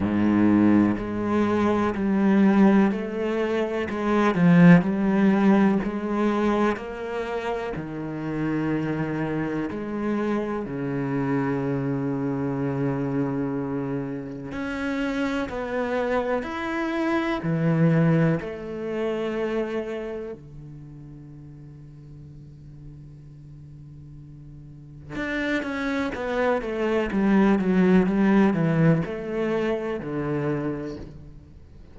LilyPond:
\new Staff \with { instrumentName = "cello" } { \time 4/4 \tempo 4 = 62 gis,4 gis4 g4 a4 | gis8 f8 g4 gis4 ais4 | dis2 gis4 cis4~ | cis2. cis'4 |
b4 e'4 e4 a4~ | a4 d2.~ | d2 d'8 cis'8 b8 a8 | g8 fis8 g8 e8 a4 d4 | }